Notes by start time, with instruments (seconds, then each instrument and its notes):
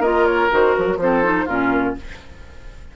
0.00 bassoon A#3, clarinet F4, oboe A#4, flute D#5
0.26 flute C#5
0.51 bassoon D#3, clarinet F#4, flute C5
0.76 bassoon F3, flute A#4
0.87 bassoon F#3
0.97 bassoon F3, clarinet C4, flute C5
1.03 oboe A4
1.24 clarinet D#4
1.46 bassoon A#2, clarinet C#4, oboe F4, flute A#4